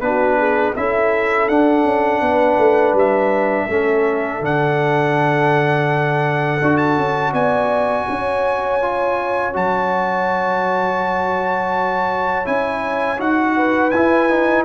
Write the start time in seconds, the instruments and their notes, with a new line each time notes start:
0.00 tuba B3, trombone D4, trumpet B4
0.07 horn F#4
0.37 horn G#4
0.76 tuba C#4, trombone E4, horn A4, trumpet E5
1.48 tuba D4, trombone D4, trumpet F#5
1.84 tuba C#4
2.21 tuba B3, horn B4
2.58 tuba A3
2.93 tuba G3, trumpet E5
3.66 tuba A3, trombone C#4, horn A4
4.40 tuba D3, trombone D4, trumpet F#5
6.61 tuba D4, trombone F#4
6.77 trumpet A5
6.97 tuba C#4
7.32 tuba B3, horn D5, trumpet G#5
8.09 tuba C#4, horn C#5
8.81 trombone F4
9.53 tuba F#3, trombone F#4, trumpet A5
12.44 tuba C#4, trombone E4, trumpet G#5
13.17 tuba D#4, trombone F#4, trumpet F#5
13.56 horn B4
13.90 tuba E4, trombone E4, trumpet G#5
14.30 trombone D#4